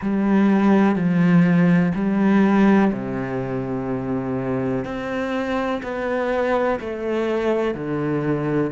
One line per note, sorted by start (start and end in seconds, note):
0.01 0.95 G3
0.95 1.92 F3
1.94 2.91 G3
2.92 4.84 C3
4.84 5.81 C4
5.82 6.79 B3
6.80 7.74 A3
7.74 8.71 D3